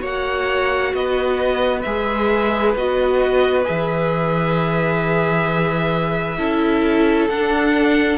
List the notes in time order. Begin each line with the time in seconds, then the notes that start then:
0.00 A#3 F#4 C#5 F#5
0.94 B3 B4 D#5
1.82 G#3 G#4 E5
2.75 B3 F#4 D#5
3.64 E3 G#4 E5
6.38 C#4 E4 A4
7.29 D4 F#5